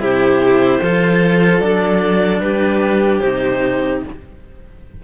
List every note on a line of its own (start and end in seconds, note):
0.00 0.80 C3
0.00 0.80 E4
0.00 0.82 G4
0.00 1.60 C5
0.82 1.60 F3
0.82 1.62 F4
0.82 2.42 A4
1.60 2.40 F#3
1.60 3.23 D4
1.60 2.40 D5
2.40 3.20 G3
2.40 4.03 G4
2.40 3.20 B4
3.20 4.04 C3
3.20 4.04 D#4
3.20 4.00 C5